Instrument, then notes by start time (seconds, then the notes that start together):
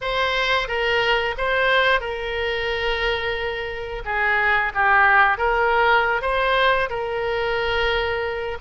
oboe
0.01 C5
0.67 A#4
1.37 C5
2.00 A#4
4.04 G#4
4.74 G4
5.37 A#4
6.21 C5
6.89 A#4